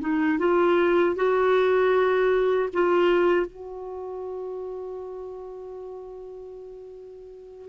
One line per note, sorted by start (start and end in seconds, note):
0.00 0.38 D#4
0.39 1.15 F4
1.15 2.69 F#4
2.73 3.47 F4
3.47 7.69 F#4